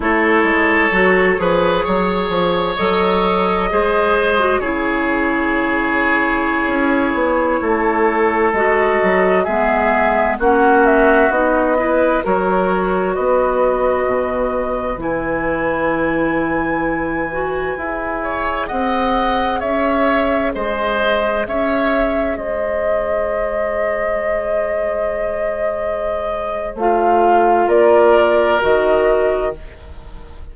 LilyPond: <<
  \new Staff \with { instrumentName = "flute" } { \time 4/4 \tempo 4 = 65 cis''2. dis''4~ | dis''4 cis''2.~ | cis''4~ cis''16 dis''4 e''4 fis''8 e''16~ | e''16 dis''4 cis''4 dis''4.~ dis''16~ |
dis''16 gis''2.~ gis''8.~ | gis''16 fis''4 e''4 dis''4 e''8.~ | e''16 dis''2.~ dis''8.~ | dis''4 f''4 d''4 dis''4 | }
  \new Staff \with { instrumentName = "oboe" } { \time 4/4 a'4. b'8 cis''2 | c''4 gis'2.~ | gis'16 a'2 gis'4 fis'8.~ | fis'8. b'8 ais'4 b'4.~ b'16~ |
b'2.~ b'8. cis''16~ | cis''16 dis''4 cis''4 c''4 cis''8.~ | cis''16 c''2.~ c''8.~ | c''2 ais'2 | }
  \new Staff \with { instrumentName = "clarinet" } { \time 4/4 e'4 fis'8 gis'4. a'4 | gis'8. fis'16 e'2.~ | e'4~ e'16 fis'4 b4 cis'8.~ | cis'16 dis'8 e'8 fis'2~ fis'8.~ |
fis'16 e'2~ e'8 fis'8 gis'8.~ | gis'1~ | gis'1~ | gis'4 f'2 fis'4 | }
  \new Staff \with { instrumentName = "bassoon" } { \time 4/4 a8 gis8 fis8 f8 fis8 f8 fis4 | gis4 cis2~ cis16 cis'8 b16~ | b16 a4 gis8 fis8 gis4 ais8.~ | ais16 b4 fis4 b4 b,8.~ |
b,16 e2. e'8.~ | e'16 c'4 cis'4 gis4 cis'8.~ | cis'16 gis2.~ gis8.~ | gis4 a4 ais4 dis4 | }
>>